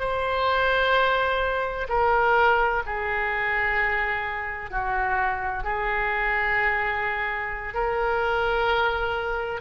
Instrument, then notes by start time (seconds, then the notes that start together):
oboe
0.00 C5
1.89 A#4
2.87 G#4
4.71 F#4
5.64 G#4
7.74 A#4